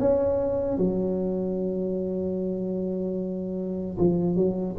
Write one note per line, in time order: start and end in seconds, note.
0.00 0.78 C#4
0.78 3.98 F#3
3.99 4.36 F3
4.36 4.76 F#3